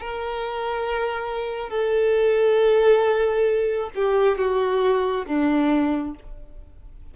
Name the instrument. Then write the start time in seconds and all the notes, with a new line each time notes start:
violin
0.00 A#4
1.70 A4
3.96 G4
4.38 F#4
5.27 D4